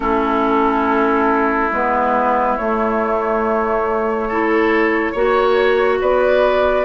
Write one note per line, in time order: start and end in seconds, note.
0.00 1.70 A3
0.00 1.71 C#4
0.00 4.28 E4
0.00 1.71 A4
1.71 2.57 G#3
1.71 2.58 B3
1.71 2.56 B4
2.56 4.30 A3
2.56 5.14 A3
2.56 5.99 C#5
4.28 5.14 E4
4.28 5.11 A4
5.11 6.00 A#3
5.11 6.85 F#4
5.11 5.97 C#5
6.00 6.85 B3
6.00 6.85 B4
6.00 6.85 D5